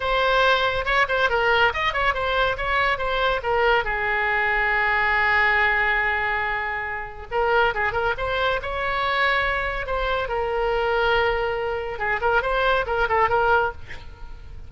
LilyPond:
\new Staff \with { instrumentName = "oboe" } { \time 4/4 \tempo 4 = 140 c''2 cis''8 c''8 ais'4 | dis''8 cis''8 c''4 cis''4 c''4 | ais'4 gis'2.~ | gis'1~ |
gis'4 ais'4 gis'8 ais'8 c''4 | cis''2. c''4 | ais'1 | gis'8 ais'8 c''4 ais'8 a'8 ais'4 | }